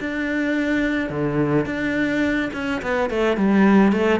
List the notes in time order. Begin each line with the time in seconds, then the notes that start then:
0.00 D4
1.09 D3
1.65 D4
2.53 C#4
2.82 B3
3.10 A3
3.37 G3
3.92 A3